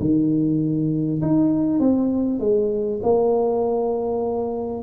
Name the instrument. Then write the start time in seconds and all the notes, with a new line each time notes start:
tuba
0.00 D#3
1.21 D#4
1.80 C4
2.40 G#3
3.02 A#3